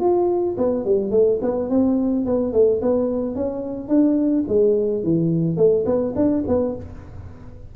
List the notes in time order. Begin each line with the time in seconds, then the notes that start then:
0.00 F4
0.58 B3
0.85 G3
1.11 A3
1.42 B3
1.69 C4
2.26 B3
2.53 A3
2.82 B3
3.35 C#4
3.88 D4
4.48 G#3
5.03 E3
5.57 A3
5.86 B3
6.16 D4
6.48 B3